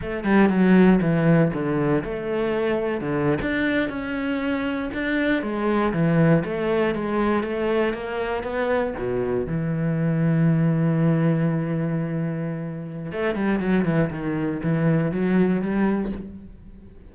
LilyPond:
\new Staff \with { instrumentName = "cello" } { \time 4/4 \tempo 4 = 119 a8 g8 fis4 e4 d4 | a2 d8. d'4 cis'16~ | cis'4.~ cis'16 d'4 gis4 e16~ | e8. a4 gis4 a4 ais16~ |
ais8. b4 b,4 e4~ e16~ | e1~ | e2 a8 g8 fis8 e8 | dis4 e4 fis4 g4 | }